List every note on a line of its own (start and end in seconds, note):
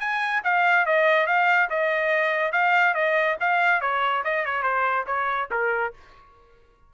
0.00 0.42 G#5
0.44 0.86 F5
0.86 1.27 D#5
1.27 1.69 F5
1.70 2.53 D#5
2.53 2.95 F5
2.95 3.37 D#5
3.41 3.81 F5
3.81 4.24 C#5
4.25 4.46 D#5
4.46 4.63 C#5
4.63 5.05 C5
5.07 5.49 C#5
5.52 5.94 A#4